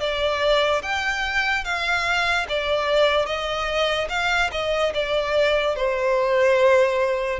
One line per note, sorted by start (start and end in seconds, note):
0.00 0.82 D5
0.83 1.64 G5
1.64 2.47 F5
2.49 3.26 D5
3.26 4.08 D#5
4.09 4.50 F5
4.52 4.93 D#5
4.94 5.76 D5
5.76 7.40 C5